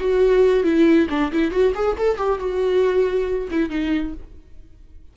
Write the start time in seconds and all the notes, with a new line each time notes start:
0.00 F#4
0.64 E4
1.09 D4
1.32 E4
1.51 F#4
1.74 G#4
1.98 A4
2.17 G4
2.38 F#4
3.50 E4
3.69 D#4